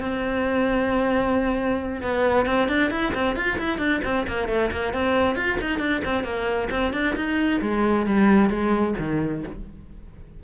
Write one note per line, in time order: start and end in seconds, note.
0.00 2.01 C4
2.02 2.45 B3
2.45 2.68 C4
2.68 2.90 D4
2.90 3.13 E4
3.14 3.36 C4
3.36 3.58 F4
3.58 3.78 E4
3.78 4.00 D4
4.04 4.26 C4
4.27 4.48 A#3
4.48 4.70 A3
4.71 4.93 A#3
4.93 5.35 C4
5.35 5.58 F4
5.61 5.79 D#4
5.79 6.01 D4
6.04 6.23 C4
6.23 6.68 A#3
6.70 6.93 C4
6.93 7.15 D4
7.16 7.60 D#4
7.61 8.06 G#3
8.06 8.49 G3
8.49 8.94 G#3
8.98 9.43 D#3